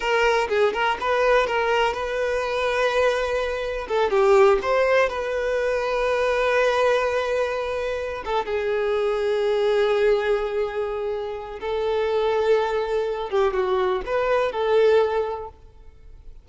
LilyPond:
\new Staff \with { instrumentName = "violin" } { \time 4/4 \tempo 4 = 124 ais'4 gis'8 ais'8 b'4 ais'4 | b'1 | a'8 g'4 c''4 b'4.~ | b'1~ |
b'4 a'8 gis'2~ gis'8~ | gis'1 | a'2.~ a'8 g'8 | fis'4 b'4 a'2 | }